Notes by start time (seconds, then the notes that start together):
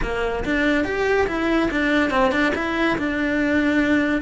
0.02 A#3
0.44 D4
0.84 G4
1.27 E4
1.71 D4
2.10 C4
2.31 D4
2.55 E4
2.98 D4